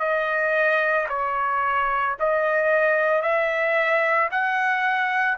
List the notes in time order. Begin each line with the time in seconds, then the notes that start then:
0.00 D#5
1.09 C#5
2.20 D#5
3.22 E5
4.31 F#5